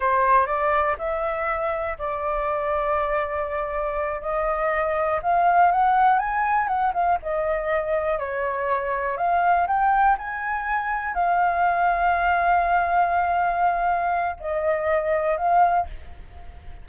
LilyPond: \new Staff \with { instrumentName = "flute" } { \time 4/4 \tempo 4 = 121 c''4 d''4 e''2 | d''1~ | d''8 dis''2 f''4 fis''8~ | fis''8 gis''4 fis''8 f''8 dis''4.~ |
dis''8 cis''2 f''4 g''8~ | g''8 gis''2 f''4.~ | f''1~ | f''4 dis''2 f''4 | }